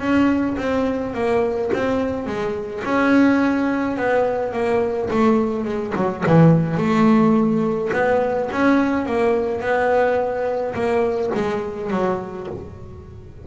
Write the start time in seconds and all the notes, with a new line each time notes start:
0.00 C#4
0.58 C4
1.14 A#3
1.74 C4
2.26 G#3
2.85 C#4
3.97 B3
4.53 A#3
5.11 A3
5.65 G#3
5.96 F#3
6.26 E3
6.77 A3
7.93 B3
8.52 C#4
9.06 A#3
9.61 B3
10.74 A#3
11.35 G#3
11.91 F#3